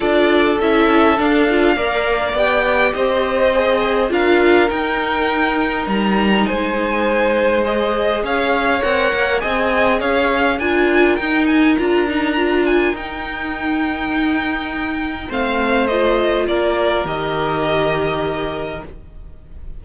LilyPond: <<
  \new Staff \with { instrumentName = "violin" } { \time 4/4 \tempo 4 = 102 d''4 e''4 f''2 | g''4 dis''2 f''4 | g''2 ais''4 gis''4~ | gis''4 dis''4 f''4 fis''4 |
gis''4 f''4 gis''4 g''8 gis''8 | ais''4. gis''8 g''2~ | g''2 f''4 dis''4 | d''4 dis''2. | }
  \new Staff \with { instrumentName = "violin" } { \time 4/4 a'2. d''4~ | d''4 c''2 ais'4~ | ais'2. c''4~ | c''2 cis''2 |
dis''4 cis''4 ais'2~ | ais'1~ | ais'2 c''2 | ais'1 | }
  \new Staff \with { instrumentName = "viola" } { \time 4/4 f'4 e'4 d'8 f'8 ais'4 | g'2 gis'4 f'4 | dis'1~ | dis'4 gis'2 ais'4 |
gis'2 f'4 dis'4 | f'8 dis'8 f'4 dis'2~ | dis'2 c'4 f'4~ | f'4 g'2. | }
  \new Staff \with { instrumentName = "cello" } { \time 4/4 d'4 cis'4 d'4 ais4 | b4 c'2 d'4 | dis'2 g4 gis4~ | gis2 cis'4 c'8 ais8 |
c'4 cis'4 d'4 dis'4 | d'2 dis'2~ | dis'2 a2 | ais4 dis2. | }
>>